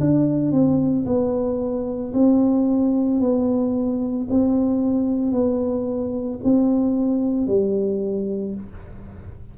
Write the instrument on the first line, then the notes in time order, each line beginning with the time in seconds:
tuba
0.00 D4
0.52 C4
1.06 B3
2.13 C4
3.20 B3
4.30 C4
5.32 B3
6.43 C4
7.47 G3